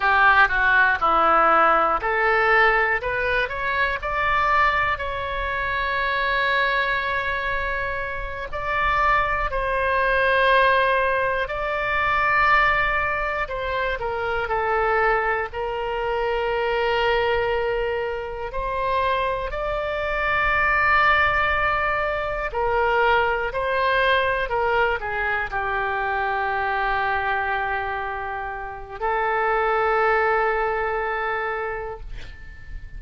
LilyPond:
\new Staff \with { instrumentName = "oboe" } { \time 4/4 \tempo 4 = 60 g'8 fis'8 e'4 a'4 b'8 cis''8 | d''4 cis''2.~ | cis''8 d''4 c''2 d''8~ | d''4. c''8 ais'8 a'4 ais'8~ |
ais'2~ ais'8 c''4 d''8~ | d''2~ d''8 ais'4 c''8~ | c''8 ais'8 gis'8 g'2~ g'8~ | g'4 a'2. | }